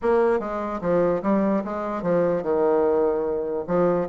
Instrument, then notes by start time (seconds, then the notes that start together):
bassoon
0.02 A#3
0.39 G#3
0.81 F3
1.22 G3
1.64 G#3
2.02 F3
2.42 D#3
3.67 F3